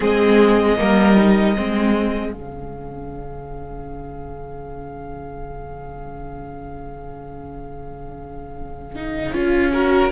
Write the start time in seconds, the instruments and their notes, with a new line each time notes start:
0.00 cello G#3, viola C4, violin G#4 D#5
0.77 cello G3, viola A#3, violin A#4
1.16 viola D#4
1.56 cello G#3, viola C4, violin G#4
2.32 cello C#3, viola C#4, violin F5
8.95 viola D#4
9.33 cello C#4, viola F4
9.72 viola F#4, violin A#4